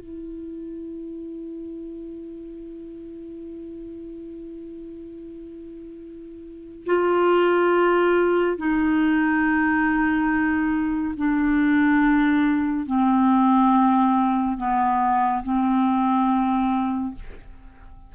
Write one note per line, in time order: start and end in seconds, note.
0.00 6.86 E4
6.86 8.58 F4
8.58 11.15 D#4
11.17 12.86 D4
12.86 14.58 C4
14.58 15.43 B3
15.44 17.15 C4